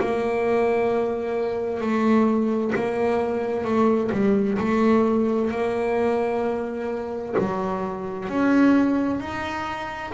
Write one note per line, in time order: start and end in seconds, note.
0.00 1.81 A#3
1.81 2.73 A3
2.75 3.65 A#3
3.65 4.11 A3
4.12 4.58 G3
4.59 5.51 A3
5.51 7.36 A#3
7.38 8.29 F#3
8.29 9.20 C#4
9.20 10.12 D#4